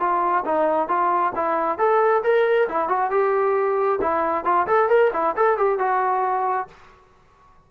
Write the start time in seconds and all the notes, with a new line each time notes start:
0.00 F4
0.45 D#4
0.88 F4
1.36 E4
1.78 A4
2.24 A#4
2.69 E4
2.89 F#4
3.11 G4
4.02 E4
4.45 F4
4.67 A4
4.89 A#4
5.13 E4
5.37 A4
5.58 G4
5.79 F#4